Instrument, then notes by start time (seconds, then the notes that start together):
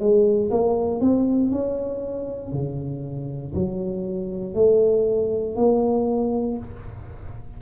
tuba
0.00 G#3
0.51 A#3
1.01 C4
1.52 C#4
2.52 C#3
3.55 F#3
4.54 A3
5.56 A#3